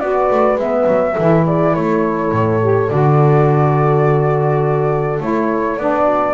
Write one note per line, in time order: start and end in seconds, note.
0.00 0.29 B3
0.00 0.58 F#4
0.00 1.15 B4
0.00 0.58 D5
0.31 0.56 A3
0.56 0.84 G#3
0.56 1.16 B3
0.56 1.46 E5
0.87 1.16 F#3
1.15 1.76 E3
1.15 2.61 E4
1.15 1.44 A4
1.44 1.73 G#4
1.44 1.75 D5
1.75 2.32 A3
1.75 6.05 A4
1.75 2.90 C#5
2.32 2.90 A2
2.61 2.89 G4
2.89 5.20 D3
2.89 5.20 F#4
2.89 5.21 D5
5.20 5.77 A3
5.20 5.78 E4
5.20 5.79 C#5
5.77 6.34 B3
5.77 6.34 D4
5.77 6.34 D5
6.05 6.33 F#4